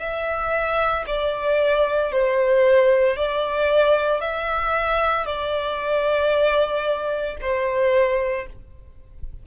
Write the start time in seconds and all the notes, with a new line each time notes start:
0.00 E5
1.07 D5
2.12 C5
3.17 D5
4.21 E5
5.26 D5
7.42 C5